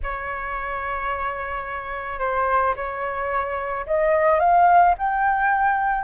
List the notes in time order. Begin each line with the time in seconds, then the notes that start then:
0.03 C#5
2.19 C5
2.75 C#5
3.86 D#5
4.39 F5
4.98 G5